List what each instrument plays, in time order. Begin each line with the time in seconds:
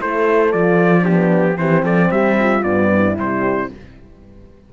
0.00 cello A3, horn E4 A4, trumpet C5
0.53 cello F3, horn F4, trumpet D5
1.02 horn B3 D4, trumpet G4
1.57 cello E3, horn C4 G4, trumpet C5
1.83 cello F3, horn A4, trumpet D5
2.12 cello G3, horn G4, trumpet E5
2.40 horn F4
2.64 cello G2, horn B3, trumpet D5
2.94 horn E4
3.17 cello C3, horn G3, trumpet C5